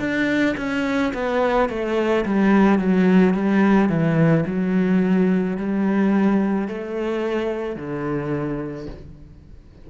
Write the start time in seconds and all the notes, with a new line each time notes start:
0.00 D4
0.58 C#4
1.14 B3
1.70 A3
2.26 G3
2.79 F#3
3.35 G3
3.89 E3
4.46 F#3
5.58 G3
6.69 A3
7.76 D3